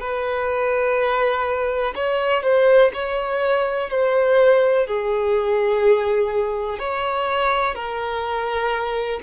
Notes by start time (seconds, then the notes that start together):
0.00 B4
1.95 C#5
2.42 C5
2.93 C#5
3.90 C5
4.87 G#4
6.79 C#5
7.75 A#4